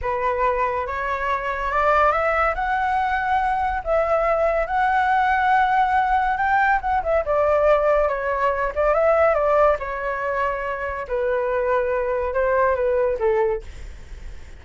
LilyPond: \new Staff \with { instrumentName = "flute" } { \time 4/4 \tempo 4 = 141 b'2 cis''2 | d''4 e''4 fis''2~ | fis''4 e''2 fis''4~ | fis''2. g''4 |
fis''8 e''8 d''2 cis''4~ | cis''8 d''8 e''4 d''4 cis''4~ | cis''2 b'2~ | b'4 c''4 b'4 a'4 | }